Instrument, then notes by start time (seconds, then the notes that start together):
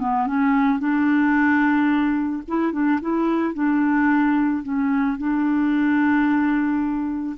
clarinet
0.00 B3
0.27 C#4
0.80 D4
2.48 E4
2.73 D4
3.01 E4
3.55 D4
4.64 C#4
5.18 D4